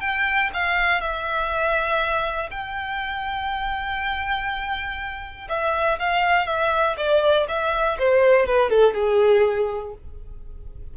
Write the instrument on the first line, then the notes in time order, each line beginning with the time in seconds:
violin
0.00 G5
0.53 F5
1.01 E5
2.50 G5
5.48 E5
5.99 F5
6.46 E5
6.97 D5
7.48 E5
7.99 C5
8.46 B4
8.70 A4
8.94 G#4